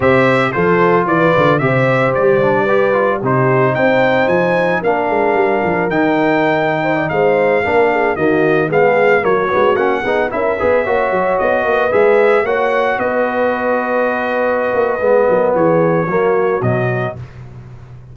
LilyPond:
<<
  \new Staff \with { instrumentName = "trumpet" } { \time 4/4 \tempo 4 = 112 e''4 c''4 d''4 e''4 | d''2 c''4 g''4 | gis''4 f''2 g''4~ | g''4~ g''16 f''2 dis''8.~ |
dis''16 f''4 cis''4 fis''4 e''8.~ | e''4~ e''16 dis''4 e''4 fis''8.~ | fis''16 dis''2.~ dis''8.~ | dis''4 cis''2 dis''4 | }
  \new Staff \with { instrumentName = "horn" } { \time 4/4 c''4 a'4 b'4 c''4~ | c''4 b'4 g'4 c''4~ | c''4 ais'2.~ | ais'8. c''16 d''16 c''4 ais'8 gis'8 fis'8.~ |
fis'16 gis'4 fis'4. gis'8 ais'8 b'16~ | b'16 cis''4. b'4. cis''8.~ | cis''16 b'2.~ b'8.~ | b'8 ais'8 gis'4 fis'2 | }
  \new Staff \with { instrumentName = "trombone" } { \time 4/4 g'4 f'2 g'4~ | g'8 d'8 g'8 f'8 dis'2~ | dis'4 d'2 dis'4~ | dis'2~ dis'16 d'4 ais8.~ |
ais16 b4 ais8 b8 cis'8 dis'8 e'8 gis'16~ | gis'16 fis'2 gis'4 fis'8.~ | fis'1 | b2 ais4 fis4 | }
  \new Staff \with { instrumentName = "tuba" } { \time 4/4 c4 f4 e8 d8 c4 | g2 c4 c'4 | f4 ais8 gis8 g8 f8 dis4~ | dis4~ dis16 gis4 ais4 dis8.~ |
dis16 gis4 fis8 gis8 ais8 b8 cis'8 b16~ | b16 ais8 fis8 b8 ais8 gis4 ais8.~ | ais16 b2.~ b16 ais8 | gis8 fis8 e4 fis4 b,4 | }
>>